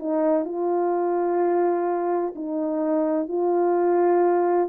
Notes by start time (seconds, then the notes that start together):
0.00 D#4
0.46 F4
2.36 D#4
3.29 F4